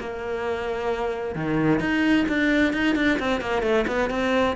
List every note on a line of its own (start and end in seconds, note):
0.00 1.35 A#3
1.35 1.80 D#3
1.80 2.26 D#4
2.28 2.73 D4
2.73 2.96 D#4
2.96 3.19 D4
3.19 3.41 C4
3.41 3.62 A#3
3.62 3.85 A3
3.87 4.10 B3
4.10 4.56 C4